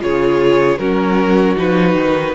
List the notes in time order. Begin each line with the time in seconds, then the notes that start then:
0.00 C#3 F4 G#4 C#5
0.79 F#3 C#4 F#4 A#4
1.57 F3 D#4 B4
1.95 D#3